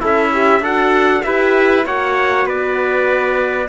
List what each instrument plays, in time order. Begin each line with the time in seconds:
0.00 cello C#4, trumpet E4 E5, horn A4
0.33 horn G4
0.60 cello D4, horn F#4, trumpet A4 F#5
1.23 cello E4, horn G4, trumpet B4 E5
1.85 cello A#3, horn F#4, trumpet C#5 F#5
2.45 cello B3, trumpet B4 D5